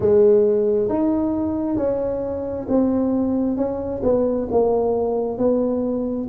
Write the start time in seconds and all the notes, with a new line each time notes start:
0.00 G#3
0.88 D#4
1.76 C#4
2.68 C4
3.56 C#4
4.03 B3
4.51 A#3
5.38 B3